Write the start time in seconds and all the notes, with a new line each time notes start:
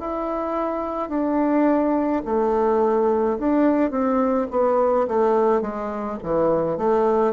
0.00 E4
1.09 D4
2.25 A3
3.39 D4
3.91 C4
4.51 B3
5.08 A3
5.61 G#3
6.23 E3
6.78 A3